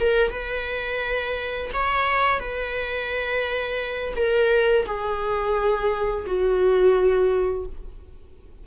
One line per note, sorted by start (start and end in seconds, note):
0.00 0.31 A#4
0.31 1.70 B4
1.73 2.39 C#5
2.39 4.14 B4
4.16 4.86 A#4
4.86 6.25 G#4
6.27 7.66 F#4